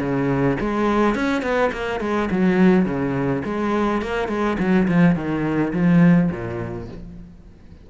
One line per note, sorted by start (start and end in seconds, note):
0.00 0.57 C#3
0.61 1.15 G#3
1.15 1.43 C#4
1.43 1.71 B3
1.72 2.01 A#3
2.01 2.29 G#3
2.31 2.86 F#3
2.86 3.43 C#3
3.45 4.02 G#3
4.02 4.29 A#3
4.29 4.57 G#3
4.59 4.88 F#3
4.88 5.16 F3
5.16 5.73 D#3
5.74 6.31 F3
6.31 6.89 A#2